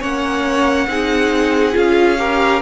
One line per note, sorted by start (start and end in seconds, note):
0.00 0.86 A#3
0.00 0.87 C#4
0.00 0.87 C#5
0.00 1.77 F#5
0.86 1.73 C4
0.86 1.72 D#4
0.86 2.19 G#4
1.72 2.62 C#4
1.72 2.15 F4
1.72 2.62 F5
2.18 2.61 G4
2.18 2.62 A#4